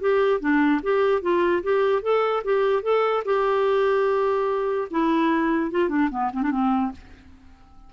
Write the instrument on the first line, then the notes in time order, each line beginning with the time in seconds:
clarinet
0.00 G4
0.40 D4
0.82 G4
1.22 F4
1.63 G4
2.02 A4
2.44 G4
2.82 A4
3.25 G4
4.90 E4
5.71 F4
5.88 D4
6.10 B3
6.33 C4
6.42 D4
6.51 C4